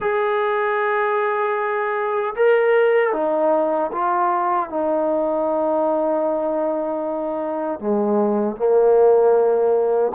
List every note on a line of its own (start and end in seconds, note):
0.00 2.34 G#4
2.36 3.12 A#4
3.12 3.90 D#4
3.92 4.69 F4
4.69 7.80 D#4
7.80 8.56 G#3
8.56 10.12 A#3